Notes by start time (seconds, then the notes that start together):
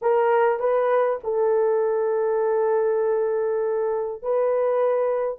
0.01 A#4
0.59 B4
1.23 A4
4.22 B4